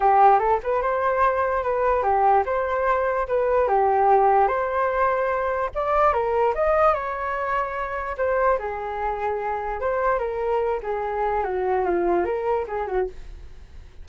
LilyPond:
\new Staff \with { instrumentName = "flute" } { \time 4/4 \tempo 4 = 147 g'4 a'8 b'8 c''2 | b'4 g'4 c''2 | b'4 g'2 c''4~ | c''2 d''4 ais'4 |
dis''4 cis''2. | c''4 gis'2. | c''4 ais'4. gis'4. | fis'4 f'4 ais'4 gis'8 fis'8 | }